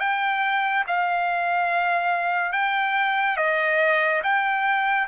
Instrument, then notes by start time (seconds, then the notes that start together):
trumpet
0.00 G5
0.87 F5
2.53 G5
3.37 D#5
4.23 G5